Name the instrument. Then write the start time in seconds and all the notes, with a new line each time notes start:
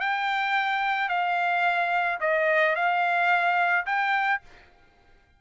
trumpet
0.00 G5
1.09 F5
2.21 D#5
2.76 F5
3.87 G5